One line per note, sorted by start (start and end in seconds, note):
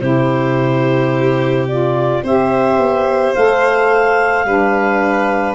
0.00 2.23 C3
0.00 1.68 E4
0.00 2.24 G4
0.00 1.67 C5
1.68 2.24 F4
1.68 2.24 D5
2.24 2.78 C4
2.24 3.36 G4
2.24 4.46 C5
2.24 3.34 E5
2.78 3.34 B3
3.34 4.46 A3
3.34 4.47 A4
3.34 5.55 F5
4.46 5.55 G3
4.46 5.55 D4
4.46 5.55 B4